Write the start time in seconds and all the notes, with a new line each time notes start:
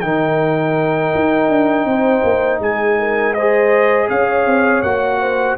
0.00 D#3 D#4 A#4 G5
1.15 D#4
1.49 D4
1.85 C4 C5
2.24 A#3
2.59 G#3 G#4 G#5
2.98 A#4
3.34 G#4 C5 D#5
4.09 C#4 C#5 F5
4.46 C4
4.82 A#3 F#4 F#5
5.20 C5